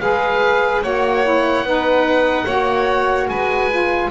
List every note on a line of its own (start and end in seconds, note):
0.00 0.83 G#3
0.00 0.83 G#4
0.00 0.83 B4
0.00 0.82 F5
0.83 1.62 A#3
0.83 1.24 F#4
0.83 1.65 C#5
0.83 3.29 F#5
1.24 1.65 E4
1.62 2.45 B3
1.62 2.47 D#4
1.62 2.45 B4
2.45 3.28 A#3
2.45 3.70 F#4
2.45 3.27 C#5
3.29 4.11 G#3
3.29 4.11 B4
3.29 4.11 G#5
3.70 4.11 F4